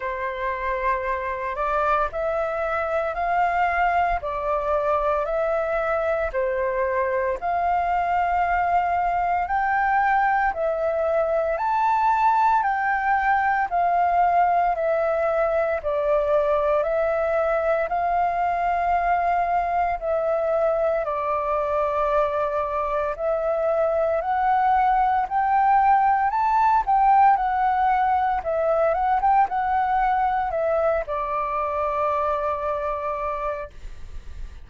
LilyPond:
\new Staff \with { instrumentName = "flute" } { \time 4/4 \tempo 4 = 57 c''4. d''8 e''4 f''4 | d''4 e''4 c''4 f''4~ | f''4 g''4 e''4 a''4 | g''4 f''4 e''4 d''4 |
e''4 f''2 e''4 | d''2 e''4 fis''4 | g''4 a''8 g''8 fis''4 e''8 fis''16 g''16 | fis''4 e''8 d''2~ d''8 | }